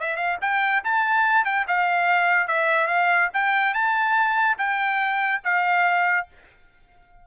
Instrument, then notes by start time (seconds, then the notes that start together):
trumpet
0.00 E5
0.16 F5
0.41 G5
0.84 A5
1.45 G5
1.68 F5
2.48 E5
2.87 F5
3.34 G5
3.74 A5
4.58 G5
5.44 F5